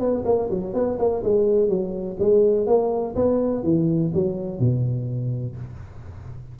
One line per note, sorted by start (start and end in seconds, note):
0.00 0.24 B3
0.26 0.50 A#3
0.51 0.74 F#3
0.74 0.98 B3
0.99 1.24 A#3
1.24 1.69 G#3
1.69 2.18 F#3
2.20 2.67 G#3
2.67 3.15 A#3
3.16 3.64 B3
3.64 4.12 E3
4.14 4.60 F#3
4.60 5.57 B2